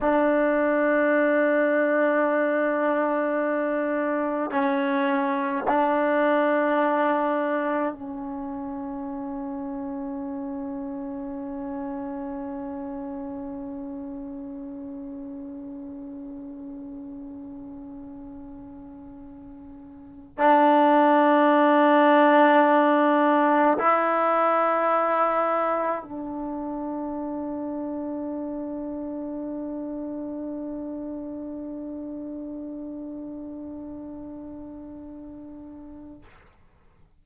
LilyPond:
\new Staff \with { instrumentName = "trombone" } { \time 4/4 \tempo 4 = 53 d'1 | cis'4 d'2 cis'4~ | cis'1~ | cis'1~ |
cis'2 d'2~ | d'4 e'2 d'4~ | d'1~ | d'1 | }